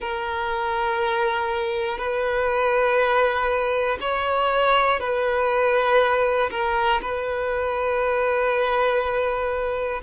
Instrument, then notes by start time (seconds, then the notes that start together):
violin
0.00 A#4
1.97 B4
4.00 C#5
5.00 B4
6.50 A#4
7.01 B4